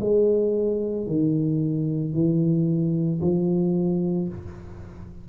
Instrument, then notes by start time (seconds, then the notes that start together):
tuba
0.00 G#3
1.07 D#3
2.14 E3
3.21 F3